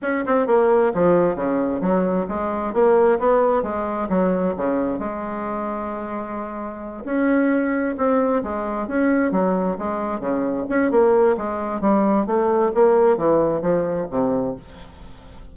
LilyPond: \new Staff \with { instrumentName = "bassoon" } { \time 4/4 \tempo 4 = 132 cis'8 c'8 ais4 f4 cis4 | fis4 gis4 ais4 b4 | gis4 fis4 cis4 gis4~ | gis2.~ gis8 cis'8~ |
cis'4. c'4 gis4 cis'8~ | cis'8 fis4 gis4 cis4 cis'8 | ais4 gis4 g4 a4 | ais4 e4 f4 c4 | }